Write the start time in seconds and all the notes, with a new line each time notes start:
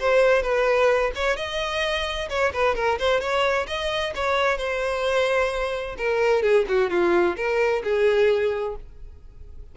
0.00 C5
0.43 B4
1.15 C#5
1.37 D#5
2.30 C#5
2.53 B4
2.75 A#4
2.99 C5
3.21 C#5
3.67 D#5
4.15 C#5
4.58 C5
5.98 A#4
6.43 G#4
6.69 F#4
6.90 F4
7.37 A#4
7.84 G#4